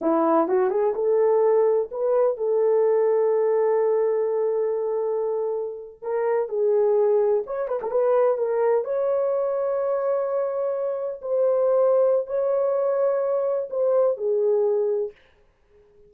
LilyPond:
\new Staff \with { instrumentName = "horn" } { \time 4/4 \tempo 4 = 127 e'4 fis'8 gis'8 a'2 | b'4 a'2.~ | a'1~ | a'8. ais'4 gis'2 cis''16~ |
cis''16 b'16 ais'16 b'4 ais'4 cis''4~ cis''16~ | cis''2.~ cis''8. c''16~ | c''2 cis''2~ | cis''4 c''4 gis'2 | }